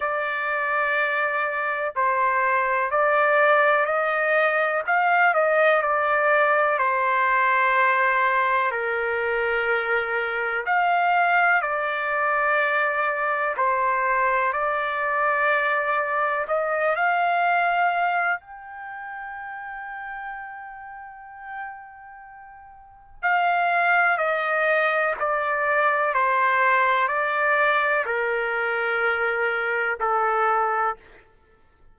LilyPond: \new Staff \with { instrumentName = "trumpet" } { \time 4/4 \tempo 4 = 62 d''2 c''4 d''4 | dis''4 f''8 dis''8 d''4 c''4~ | c''4 ais'2 f''4 | d''2 c''4 d''4~ |
d''4 dis''8 f''4. g''4~ | g''1 | f''4 dis''4 d''4 c''4 | d''4 ais'2 a'4 | }